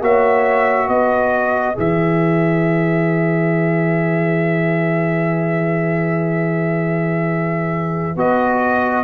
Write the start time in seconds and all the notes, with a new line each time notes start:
0.00 A#3 F#4 C#5 E5
0.87 B3 B4 D#5
1.74 E3 G#4 E5
8.16 B3 F#4 D#5